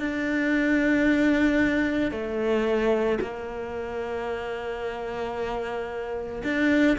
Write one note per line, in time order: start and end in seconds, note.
0.00 2.12 D4
2.12 3.19 A3
3.21 6.43 A#3
6.44 6.97 D4